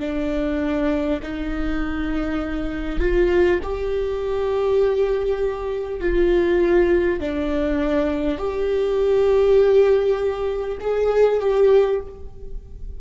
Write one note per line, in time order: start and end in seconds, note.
0.00 1.20 D4
1.23 3.00 D#4
3.00 3.60 F4
3.63 6.01 G4
6.01 7.21 F4
7.21 8.38 D4
8.38 10.78 G4
10.81 11.41 G#4
11.41 12.01 G4